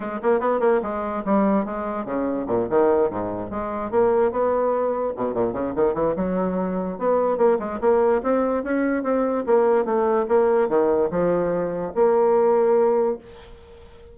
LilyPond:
\new Staff \with { instrumentName = "bassoon" } { \time 4/4 \tempo 4 = 146 gis8 ais8 b8 ais8 gis4 g4 | gis4 cis4 ais,8 dis4 gis,8~ | gis,8 gis4 ais4 b4.~ | b8 b,8 ais,8 cis8 dis8 e8 fis4~ |
fis4 b4 ais8 gis8 ais4 | c'4 cis'4 c'4 ais4 | a4 ais4 dis4 f4~ | f4 ais2. | }